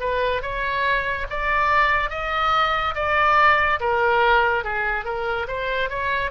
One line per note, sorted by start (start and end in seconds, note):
0.00 0.42 B4
0.42 1.26 C#5
1.30 2.10 D5
2.10 2.95 D#5
2.95 3.80 D5
3.80 4.64 A#4
4.64 5.05 G#4
5.05 5.47 A#4
5.48 5.90 C5
5.90 6.31 C#5